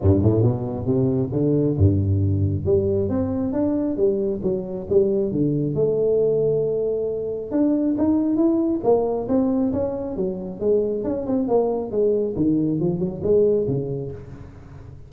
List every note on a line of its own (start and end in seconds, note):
0.01 0.22 G2
0.22 0.42 A2
0.42 0.85 B2
0.85 1.30 C3
1.32 1.76 D3
1.77 2.65 G2
2.65 3.09 G3
3.09 3.53 C4
3.53 3.96 D4
3.96 4.40 G3
4.43 4.87 F#3
4.89 5.31 G3
5.31 5.74 D3
5.74 7.51 A3
7.51 7.95 D4
7.98 8.36 D#4
8.36 8.80 E4
8.83 9.27 A#3
9.28 9.72 C4
9.72 10.16 C#4
10.16 10.59 F#3
10.59 11.04 G#3
11.04 11.26 C#4
11.26 11.48 C4
11.48 11.91 A#3
11.91 12.35 G#3
12.35 12.80 D#3
12.80 12.99 F3
12.99 13.21 F#3
13.23 13.67 G#3
13.67 14.11 C#3